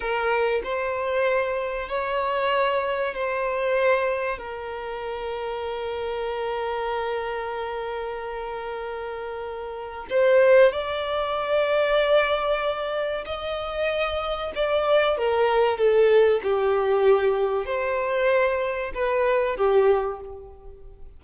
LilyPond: \new Staff \with { instrumentName = "violin" } { \time 4/4 \tempo 4 = 95 ais'4 c''2 cis''4~ | cis''4 c''2 ais'4~ | ais'1~ | ais'1 |
c''4 d''2.~ | d''4 dis''2 d''4 | ais'4 a'4 g'2 | c''2 b'4 g'4 | }